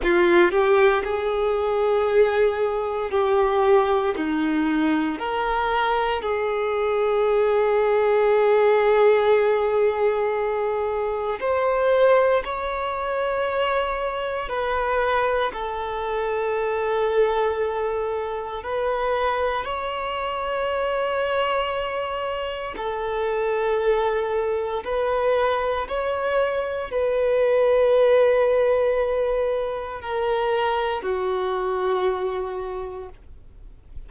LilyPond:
\new Staff \with { instrumentName = "violin" } { \time 4/4 \tempo 4 = 58 f'8 g'8 gis'2 g'4 | dis'4 ais'4 gis'2~ | gis'2. c''4 | cis''2 b'4 a'4~ |
a'2 b'4 cis''4~ | cis''2 a'2 | b'4 cis''4 b'2~ | b'4 ais'4 fis'2 | }